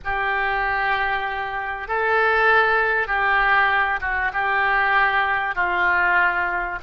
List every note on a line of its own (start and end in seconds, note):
0.04 1.88 G4
1.88 3.07 A4
3.07 4.00 G4
4.00 4.31 F#4
4.33 5.55 G4
5.55 6.79 F4